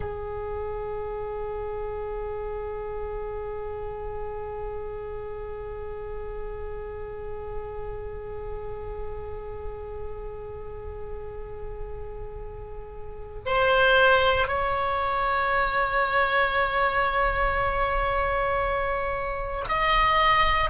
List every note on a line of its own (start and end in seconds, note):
0.00 13.43 G#4
13.45 14.47 C5
14.47 19.65 C#5
19.68 20.70 D#5